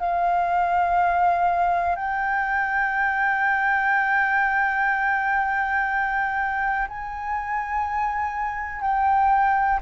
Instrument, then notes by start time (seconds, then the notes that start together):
flute
0.00 F5
1.96 G5
6.89 G#5
8.82 G5